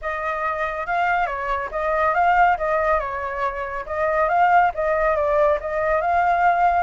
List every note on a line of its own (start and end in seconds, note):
0.01 0.86 D#5
0.86 1.26 F5
1.26 1.69 C#5
1.71 2.14 D#5
2.14 2.57 F5
2.57 2.99 D#5
2.99 3.85 C#5
3.86 4.28 D#5
4.28 4.71 F5
4.74 5.16 D#5
5.16 5.59 D5
5.60 6.01 D#5
6.01 6.83 F5